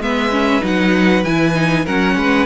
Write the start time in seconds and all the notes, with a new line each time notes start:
0.00 G#3 B3 B4 E5
0.31 C#4
0.61 F#3 D#4 F#5
1.24 E3 E4 G#5
1.55 D#4
1.85 F#3 C#4 A#4 F#5
2.16 G#3 B4